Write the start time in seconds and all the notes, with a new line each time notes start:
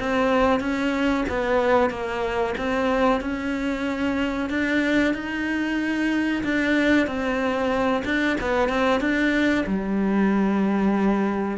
0.00 C4
0.60 C#4
1.29 B3
1.90 A#3
2.58 C4
3.21 C#4
4.50 D4
5.14 D#4
6.44 D4
7.07 C4
8.05 D4
8.41 B3
8.69 C4
9.01 D4
9.67 G3